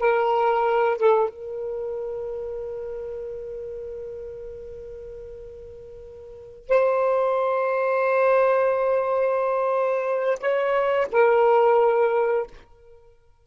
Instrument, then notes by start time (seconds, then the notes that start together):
saxophone
0.00 A#4
0.98 A4
1.30 A#4
6.69 C5
10.40 C#5
11.12 A#4